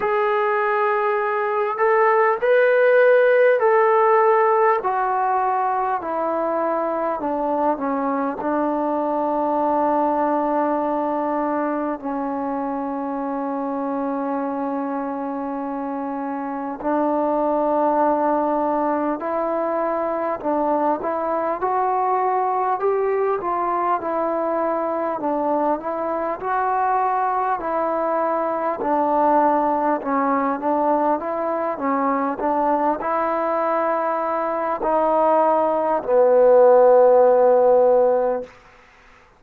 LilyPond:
\new Staff \with { instrumentName = "trombone" } { \time 4/4 \tempo 4 = 50 gis'4. a'8 b'4 a'4 | fis'4 e'4 d'8 cis'8 d'4~ | d'2 cis'2~ | cis'2 d'2 |
e'4 d'8 e'8 fis'4 g'8 f'8 | e'4 d'8 e'8 fis'4 e'4 | d'4 cis'8 d'8 e'8 cis'8 d'8 e'8~ | e'4 dis'4 b2 | }